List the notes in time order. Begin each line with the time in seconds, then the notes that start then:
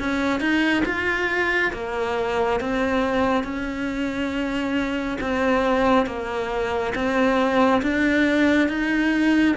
0.00 C#4
0.41 D#4
0.86 F4
1.74 A#3
2.60 C4
3.44 C#4
5.21 C4
6.07 A#3
6.95 C4
7.83 D4
8.69 D#4